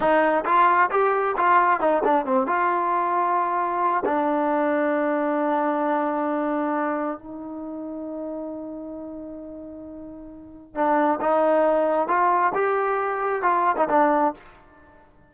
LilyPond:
\new Staff \with { instrumentName = "trombone" } { \time 4/4 \tempo 4 = 134 dis'4 f'4 g'4 f'4 | dis'8 d'8 c'8 f'2~ f'8~ | f'4 d'2.~ | d'1 |
dis'1~ | dis'1 | d'4 dis'2 f'4 | g'2 f'8. dis'16 d'4 | }